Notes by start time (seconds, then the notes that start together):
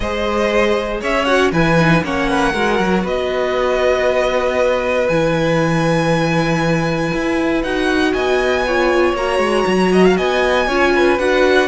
0.00 G#3 G#4 C5 D#5
1.00 C#4 C#5 E5
1.24 F#4 F#5
1.51 E3 E4 B4 G#5
1.78 D#4
2.03 A#3 C#4 C#5 F#5
2.29 B4
2.52 G#3 F#4 A#4
2.79 F#3
3.03 B3 B4 D#5
5.08 E3 E4 G#5
7.13 E4
7.63 D#4 F#4 F#5
8.13 B3 D#5 G#5
8.66 F4 C#5
9.13 A#3 F#4 A#5
9.38 G#3
9.66 F#3
9.92 D#5
10.04 F5
10.16 B3 D#5 G#5
10.67 C#4 F4 C#5
10.95 B4
11.18 D4 F#4 F#5